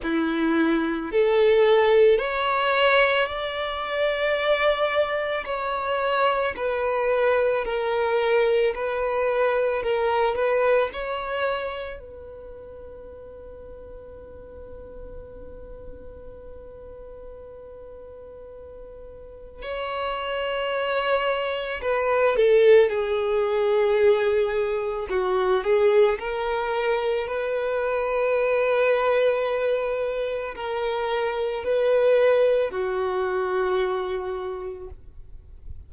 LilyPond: \new Staff \with { instrumentName = "violin" } { \time 4/4 \tempo 4 = 55 e'4 a'4 cis''4 d''4~ | d''4 cis''4 b'4 ais'4 | b'4 ais'8 b'8 cis''4 b'4~ | b'1~ |
b'2 cis''2 | b'8 a'8 gis'2 fis'8 gis'8 | ais'4 b'2. | ais'4 b'4 fis'2 | }